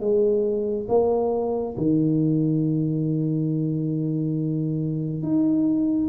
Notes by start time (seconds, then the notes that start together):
0.00 G#3
0.89 A#3
1.77 D#3
5.23 D#4